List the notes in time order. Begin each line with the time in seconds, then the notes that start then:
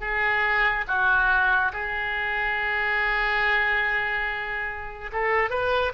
0.00 G#4
0.87 F#4
1.72 G#4
5.12 A4
5.50 B4